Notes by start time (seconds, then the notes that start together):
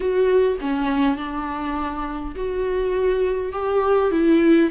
0.00 F#4
0.60 C#4
1.17 D4
2.35 F#4
3.52 G4
4.11 E4